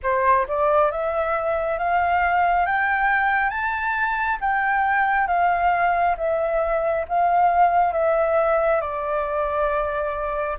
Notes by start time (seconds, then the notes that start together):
0.02 C5
0.47 D5
0.91 E5
1.78 F5
2.66 G5
3.49 A5
4.40 G5
5.27 F5
6.17 E5
7.08 F5
7.92 E5
8.80 D5